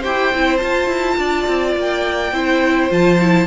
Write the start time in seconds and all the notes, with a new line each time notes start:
0.00 E4 G4 C5 G5
0.33 C4 E4
0.57 F4 A5
0.87 E4
1.17 D4 D5
1.47 C4
1.76 A#3 G5
2.32 C4 E4 C5
2.90 F3 F4 A5
3.20 E4